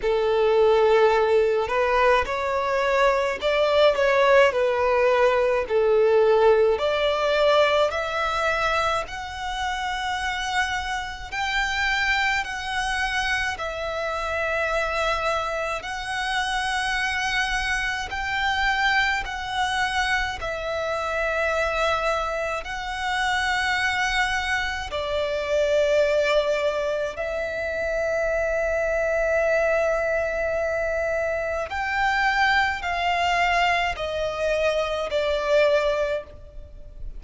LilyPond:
\new Staff \with { instrumentName = "violin" } { \time 4/4 \tempo 4 = 53 a'4. b'8 cis''4 d''8 cis''8 | b'4 a'4 d''4 e''4 | fis''2 g''4 fis''4 | e''2 fis''2 |
g''4 fis''4 e''2 | fis''2 d''2 | e''1 | g''4 f''4 dis''4 d''4 | }